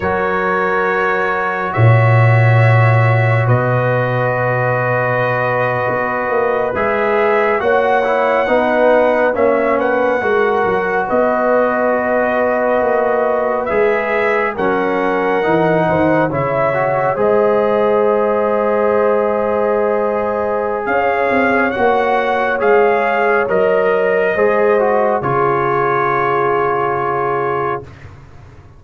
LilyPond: <<
  \new Staff \with { instrumentName = "trumpet" } { \time 4/4 \tempo 4 = 69 cis''2 e''2 | dis''2.~ dis''8. e''16~ | e''8. fis''2 e''8 fis''8.~ | fis''8. dis''2. e''16~ |
e''8. fis''2 e''4 dis''16~ | dis''1 | f''4 fis''4 f''4 dis''4~ | dis''4 cis''2. | }
  \new Staff \with { instrumentName = "horn" } { \time 4/4 ais'2 cis''2 | b'1~ | b'8. cis''4 b'4 cis''8 b'8 ais'16~ | ais'8. b'2.~ b'16~ |
b'8. ais'4. c''8 cis''4 c''16~ | c''1 | cis''1 | c''4 gis'2. | }
  \new Staff \with { instrumentName = "trombone" } { \time 4/4 fis'1~ | fis'2.~ fis'8. gis'16~ | gis'8. fis'8 e'8 dis'4 cis'4 fis'16~ | fis'2.~ fis'8. gis'16~ |
gis'8. cis'4 dis'4 e'8 fis'8 gis'16~ | gis'1~ | gis'4 fis'4 gis'4 ais'4 | gis'8 fis'8 f'2. | }
  \new Staff \with { instrumentName = "tuba" } { \time 4/4 fis2 ais,2 | b,2~ b,8. b8 ais8 gis16~ | gis8. ais4 b4 ais4 gis16~ | gis16 fis8 b2 ais4 gis16~ |
gis8. fis4 e8 dis8 cis4 gis16~ | gis1 | cis'8 c'8 ais4 gis4 fis4 | gis4 cis2. | }
>>